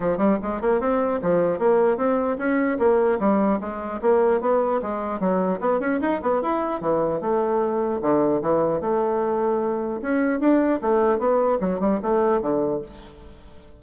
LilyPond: \new Staff \with { instrumentName = "bassoon" } { \time 4/4 \tempo 4 = 150 f8 g8 gis8 ais8 c'4 f4 | ais4 c'4 cis'4 ais4 | g4 gis4 ais4 b4 | gis4 fis4 b8 cis'8 dis'8 b8 |
e'4 e4 a2 | d4 e4 a2~ | a4 cis'4 d'4 a4 | b4 fis8 g8 a4 d4 | }